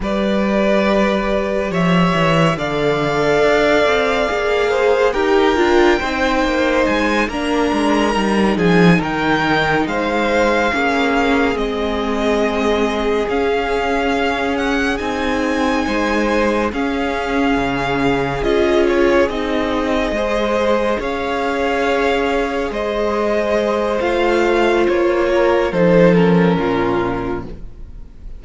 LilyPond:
<<
  \new Staff \with { instrumentName = "violin" } { \time 4/4 \tempo 4 = 70 d''2 e''4 f''4~ | f''2 g''2 | gis''8 ais''4. gis''8 g''4 f''8~ | f''4. dis''2 f''8~ |
f''4 fis''8 gis''2 f''8~ | f''4. dis''8 cis''8 dis''4.~ | dis''8 f''2 dis''4. | f''4 cis''4 c''8 ais'4. | }
  \new Staff \with { instrumentName = "violin" } { \time 4/4 b'2 cis''4 d''4~ | d''4. c''8 ais'4 c''4~ | c''8 ais'4. gis'8 ais'4 c''8~ | c''8 gis'2.~ gis'8~ |
gis'2~ gis'8 c''4 gis'8~ | gis'2.~ gis'8 c''8~ | c''8 cis''2 c''4.~ | c''4. ais'8 a'4 f'4 | }
  \new Staff \with { instrumentName = "viola" } { \time 4/4 g'2. a'4~ | a'4 gis'4 g'8 f'8 dis'4~ | dis'8 d'4 dis'2~ dis'8~ | dis'8 cis'4 c'2 cis'8~ |
cis'4. dis'2 cis'8~ | cis'4. f'4 dis'4 gis'8~ | gis'1 | f'2 dis'8 cis'4. | }
  \new Staff \with { instrumentName = "cello" } { \time 4/4 g2 f8 e8 d4 | d'8 c'8 ais4 dis'8 d'8 c'8 ais8 | gis8 ais8 gis8 g8 f8 dis4 gis8~ | gis8 ais4 gis2 cis'8~ |
cis'4. c'4 gis4 cis'8~ | cis'8 cis4 cis'4 c'4 gis8~ | gis8 cis'2 gis4. | a4 ais4 f4 ais,4 | }
>>